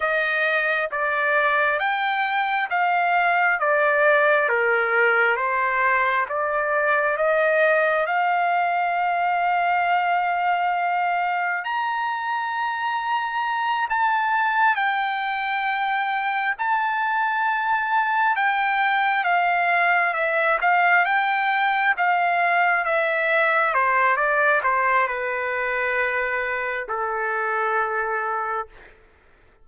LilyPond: \new Staff \with { instrumentName = "trumpet" } { \time 4/4 \tempo 4 = 67 dis''4 d''4 g''4 f''4 | d''4 ais'4 c''4 d''4 | dis''4 f''2.~ | f''4 ais''2~ ais''8 a''8~ |
a''8 g''2 a''4.~ | a''8 g''4 f''4 e''8 f''8 g''8~ | g''8 f''4 e''4 c''8 d''8 c''8 | b'2 a'2 | }